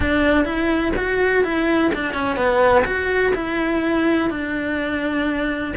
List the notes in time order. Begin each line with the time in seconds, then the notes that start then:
0.00 D4
0.44 E4
0.96 F#4
1.44 E4
1.94 D4
2.13 C#4
2.36 B3
2.85 F#4
3.34 E4
4.30 D4